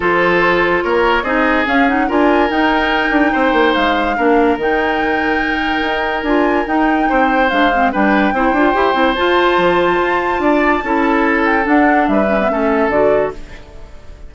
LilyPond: <<
  \new Staff \with { instrumentName = "flute" } { \time 4/4 \tempo 4 = 144 c''2 cis''4 dis''4 | f''8 fis''8 gis''4 g''2~ | g''4 f''2 g''4~ | g''2. gis''4 |
g''2 f''4 g''4~ | g''2 a''2~ | a''2.~ a''8 g''8 | fis''4 e''2 d''4 | }
  \new Staff \with { instrumentName = "oboe" } { \time 4/4 a'2 ais'4 gis'4~ | gis'4 ais'2. | c''2 ais'2~ | ais'1~ |
ais'4 c''2 b'4 | c''1~ | c''4 d''4 a'2~ | a'4 b'4 a'2 | }
  \new Staff \with { instrumentName = "clarinet" } { \time 4/4 f'2. dis'4 | cis'8 dis'8 f'4 dis'2~ | dis'2 d'4 dis'4~ | dis'2. f'4 |
dis'2 d'8 c'8 d'4 | e'8 f'8 g'8 e'8 f'2~ | f'2 e'2 | d'4. cis'16 b16 cis'4 fis'4 | }
  \new Staff \with { instrumentName = "bassoon" } { \time 4/4 f2 ais4 c'4 | cis'4 d'4 dis'4. d'8 | c'8 ais8 gis4 ais4 dis4~ | dis2 dis'4 d'4 |
dis'4 c'4 gis4 g4 | c'8 d'8 e'8 c'8 f'4 f4 | f'4 d'4 cis'2 | d'4 g4 a4 d4 | }
>>